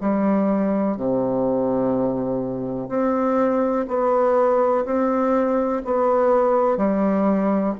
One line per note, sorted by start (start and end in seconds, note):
0.00 0.97 G3
0.97 2.89 C3
2.89 3.85 C4
3.88 4.85 B3
4.85 5.82 C4
5.85 6.77 B3
6.77 7.74 G3